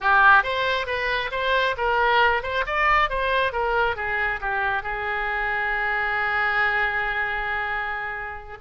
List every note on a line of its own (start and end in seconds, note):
0.00 0.43 G4
0.43 0.86 C5
0.86 1.30 B4
1.31 1.75 C5
1.77 2.42 A#4
2.42 2.65 C5
2.66 3.09 D5
3.09 3.52 C5
3.52 3.95 A#4
3.95 4.40 G#4
4.41 4.82 G4
4.82 8.57 G#4